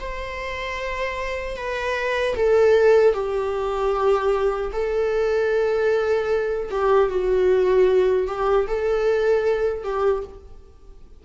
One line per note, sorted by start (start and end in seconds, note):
0.00 1.57 C5
1.57 2.36 B4
2.36 3.14 A4
3.14 4.72 G4
4.73 6.70 A4
6.71 7.10 G4
7.10 8.28 F#4
8.28 8.67 G4
8.68 9.84 A4
9.84 10.24 G4